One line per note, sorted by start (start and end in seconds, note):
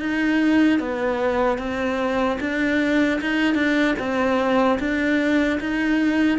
0.00 0.80 D#4
0.80 1.59 B3
1.59 2.39 C4
2.40 3.20 D4
3.21 3.55 D#4
3.55 3.95 D4
3.99 4.79 C4
4.80 5.60 D4
5.60 6.39 D#4